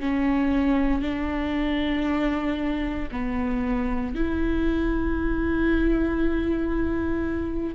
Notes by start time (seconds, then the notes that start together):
0.00 C#4
1.02 D4
3.11 B3
4.15 E4